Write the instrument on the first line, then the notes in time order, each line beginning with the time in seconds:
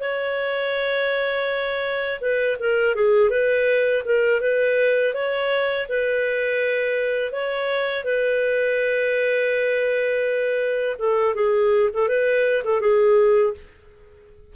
clarinet
0.00 C#5
2.21 B4
2.59 A#4
2.95 G#4
3.30 B4
4.05 A#4
4.40 B4
5.14 C#5
5.88 B4
7.32 C#5
8.04 B4
10.99 A4
11.34 G#4
11.93 A4
12.08 B4
12.64 A4
12.80 G#4